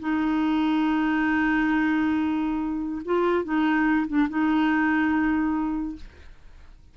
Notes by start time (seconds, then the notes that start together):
0.00 D#4
3.05 F4
3.44 D#4
4.08 D4
4.29 D#4